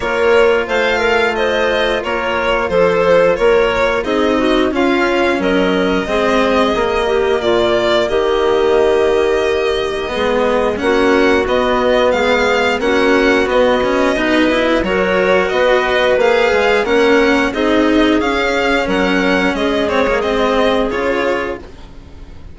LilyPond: <<
  \new Staff \with { instrumentName = "violin" } { \time 4/4 \tempo 4 = 89 cis''4 f''4 dis''4 cis''4 | c''4 cis''4 dis''4 f''4 | dis''2. d''4 | dis''1 |
fis''4 dis''4 f''4 fis''4 | dis''2 cis''4 dis''4 | f''4 fis''4 dis''4 f''4 | fis''4 dis''8 cis''8 dis''4 cis''4 | }
  \new Staff \with { instrumentName = "clarinet" } { \time 4/4 ais'4 c''8 ais'8 c''4 ais'4 | a'4 ais'4 gis'8 fis'8 f'4 | ais'4 gis'4. g'8 f'4 | g'2. gis'4 |
fis'2 gis'4 fis'4~ | fis'4 b'4 ais'4 b'4~ | b'4 ais'4 gis'2 | ais'4 gis'2. | }
  \new Staff \with { instrumentName = "cello" } { \time 4/4 f'1~ | f'2 dis'4 cis'4~ | cis'4 c'4 ais2~ | ais2. b4 |
cis'4 b2 cis'4 | b8 cis'8 dis'8 e'8 fis'2 | gis'4 cis'4 dis'4 cis'4~ | cis'4. c'16 ais16 c'4 f'4 | }
  \new Staff \with { instrumentName = "bassoon" } { \time 4/4 ais4 a2 ais4 | f4 ais4 c'4 cis'4 | fis4 gis4 ais4 ais,4 | dis2. gis4 |
ais4 b4 gis4 ais4 | b4 b,4 fis4 b4 | ais8 gis8 ais4 c'4 cis'4 | fis4 gis2 cis4 | }
>>